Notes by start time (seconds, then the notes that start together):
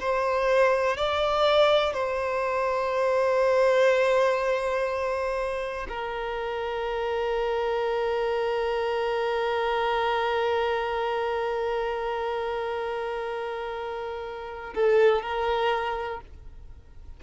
0.00 C5
0.97 D5
1.93 C5
5.88 A#4
14.75 A4
15.22 A#4